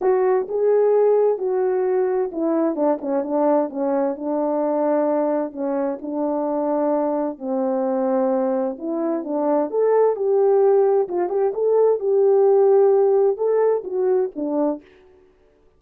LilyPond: \new Staff \with { instrumentName = "horn" } { \time 4/4 \tempo 4 = 130 fis'4 gis'2 fis'4~ | fis'4 e'4 d'8 cis'8 d'4 | cis'4 d'2. | cis'4 d'2. |
c'2. e'4 | d'4 a'4 g'2 | f'8 g'8 a'4 g'2~ | g'4 a'4 fis'4 d'4 | }